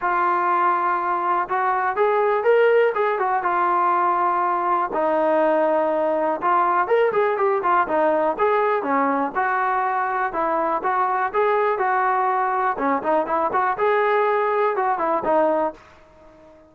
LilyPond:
\new Staff \with { instrumentName = "trombone" } { \time 4/4 \tempo 4 = 122 f'2. fis'4 | gis'4 ais'4 gis'8 fis'8 f'4~ | f'2 dis'2~ | dis'4 f'4 ais'8 gis'8 g'8 f'8 |
dis'4 gis'4 cis'4 fis'4~ | fis'4 e'4 fis'4 gis'4 | fis'2 cis'8 dis'8 e'8 fis'8 | gis'2 fis'8 e'8 dis'4 | }